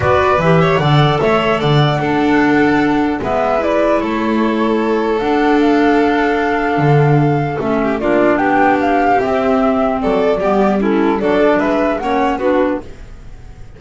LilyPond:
<<
  \new Staff \with { instrumentName = "flute" } { \time 4/4 \tempo 4 = 150 d''4 e''4 fis''4 e''4 | fis''1 | e''4 d''4 cis''2~ | cis''4 fis''4 f''2~ |
f''2. e''4 | d''4 g''4 f''4 e''4~ | e''4 d''2 a'4 | d''4 e''4 fis''4 b'4 | }
  \new Staff \with { instrumentName = "violin" } { \time 4/4 b'4. cis''8 d''4 cis''4 | d''4 a'2. | b'2 a'2~ | a'1~ |
a'2.~ a'8 g'8 | f'4 g'2.~ | g'4 a'4 g'4 e'4 | a'4 b'4 cis''4 fis'4 | }
  \new Staff \with { instrumentName = "clarinet" } { \time 4/4 fis'4 g'4 a'2~ | a'4 d'2. | b4 e'2.~ | e'4 d'2.~ |
d'2. cis'4 | d'2. c'4~ | c'2 b4 cis'4 | d'2 cis'4 d'4 | }
  \new Staff \with { instrumentName = "double bass" } { \time 4/4 b4 e4 d4 a4 | d4 d'2. | gis2 a2~ | a4 d'2.~ |
d'4 d2 a4 | ais4 b2 c'4~ | c'4 fis4 g2 | fis4 gis4 ais4 b4 | }
>>